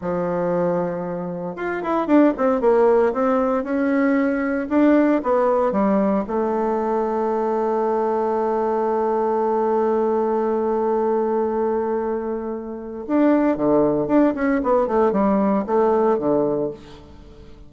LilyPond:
\new Staff \with { instrumentName = "bassoon" } { \time 4/4 \tempo 4 = 115 f2. f'8 e'8 | d'8 c'8 ais4 c'4 cis'4~ | cis'4 d'4 b4 g4 | a1~ |
a1~ | a1~ | a4 d'4 d4 d'8 cis'8 | b8 a8 g4 a4 d4 | }